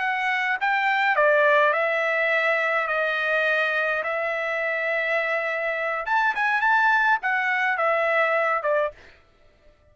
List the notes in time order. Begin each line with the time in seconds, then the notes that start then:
0.00 F#5
0.61 G5
1.16 D5
1.73 E5
2.88 D#5
4.04 E5
6.06 A5
6.35 G#5
6.62 A5
7.23 F#5
7.78 E5
8.63 D5